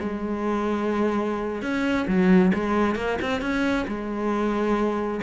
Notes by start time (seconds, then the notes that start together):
0.00 G#3
1.62 C#4
2.08 F#3
2.55 G#3
2.96 A#3
3.22 C4
3.42 C#4
3.88 G#3